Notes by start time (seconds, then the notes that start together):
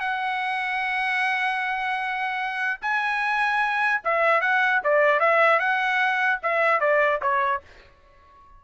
0.00 F#5
2.81 G#5
4.04 E5
4.41 F#5
4.83 D5
5.20 E5
5.59 F#5
6.42 E5
6.80 D5
7.21 C#5